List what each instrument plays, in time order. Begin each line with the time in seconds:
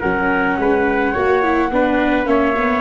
0.00 tuba F#3, viola C#4, trumpet A#4, flute F#5
0.58 tuba G#3, trumpet B4
1.12 tuba A#3, viola F#4, trumpet C#5
1.43 viola E4
1.71 tuba B3, viola D4, trumpet B4
2.26 tuba A#3, viola C#4, trumpet C#5, flute E5
2.57 viola B3